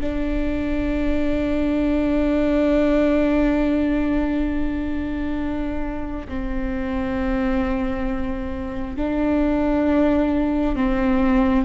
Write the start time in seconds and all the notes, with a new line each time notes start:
0.00 D4
6.28 C4
8.96 D4
10.75 C4